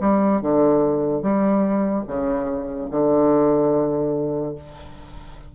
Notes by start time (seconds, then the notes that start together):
0.00 G3
0.41 D3
1.22 G3
2.07 C#3
2.91 D3